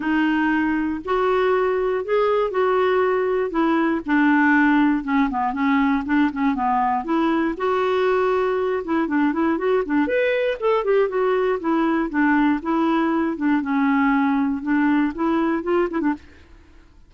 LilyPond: \new Staff \with { instrumentName = "clarinet" } { \time 4/4 \tempo 4 = 119 dis'2 fis'2 | gis'4 fis'2 e'4 | d'2 cis'8 b8 cis'4 | d'8 cis'8 b4 e'4 fis'4~ |
fis'4. e'8 d'8 e'8 fis'8 d'8 | b'4 a'8 g'8 fis'4 e'4 | d'4 e'4. d'8 cis'4~ | cis'4 d'4 e'4 f'8 e'16 d'16 | }